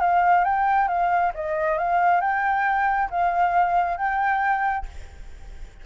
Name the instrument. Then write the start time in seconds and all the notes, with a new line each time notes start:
flute
0.00 F5
0.44 G5
0.88 F5
1.34 D#5
1.78 F5
2.21 G5
3.10 F5
3.97 G5